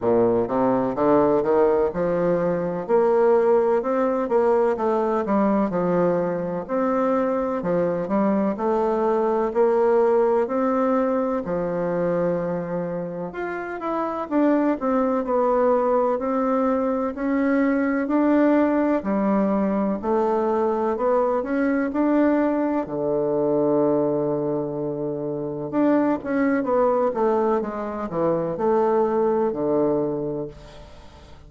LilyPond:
\new Staff \with { instrumentName = "bassoon" } { \time 4/4 \tempo 4 = 63 ais,8 c8 d8 dis8 f4 ais4 | c'8 ais8 a8 g8 f4 c'4 | f8 g8 a4 ais4 c'4 | f2 f'8 e'8 d'8 c'8 |
b4 c'4 cis'4 d'4 | g4 a4 b8 cis'8 d'4 | d2. d'8 cis'8 | b8 a8 gis8 e8 a4 d4 | }